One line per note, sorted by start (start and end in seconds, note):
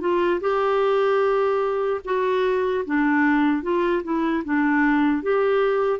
0.00 0.40 F4
0.41 2.01 G4
2.05 2.85 F#4
2.85 3.63 D4
3.63 4.03 F4
4.03 4.43 E4
4.44 5.23 D4
5.23 5.99 G4